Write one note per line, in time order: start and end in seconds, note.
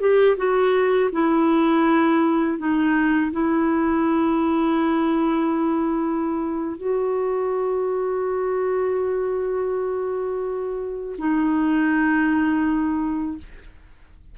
0.00 0.37 G4
0.37 1.10 F#4
1.12 2.58 E4
2.58 3.31 D#4
3.32 6.77 E4
6.77 11.16 F#4
11.18 13.37 D#4